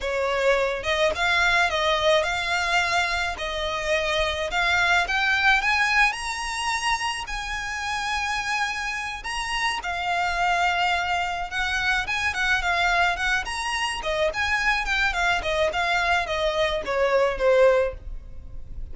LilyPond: \new Staff \with { instrumentName = "violin" } { \time 4/4 \tempo 4 = 107 cis''4. dis''8 f''4 dis''4 | f''2 dis''2 | f''4 g''4 gis''4 ais''4~ | ais''4 gis''2.~ |
gis''8 ais''4 f''2~ f''8~ | f''8 fis''4 gis''8 fis''8 f''4 fis''8 | ais''4 dis''8 gis''4 g''8 f''8 dis''8 | f''4 dis''4 cis''4 c''4 | }